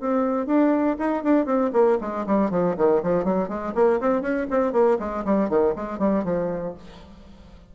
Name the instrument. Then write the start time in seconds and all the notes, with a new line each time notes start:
bassoon
0.00 C4
0.47 D4
0.99 D#4
1.23 D4
1.46 C4
1.73 A#3
2.01 G#3
2.26 G3
2.51 F3
2.77 D#3
3.03 F3
3.25 F#3
3.48 G#3
3.75 A#3
4.01 C4
4.22 C#4
4.50 C4
4.72 A#3
5.00 G#3
5.25 G3
5.49 D#3
5.76 G#3
5.99 G3
6.24 F3